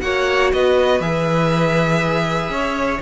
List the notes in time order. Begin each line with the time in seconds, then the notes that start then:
0.00 A#3 F#4 C#5 F#5
0.52 B3 B4 D#5
1.00 E3 G#4 E5
2.49 C#4 C#5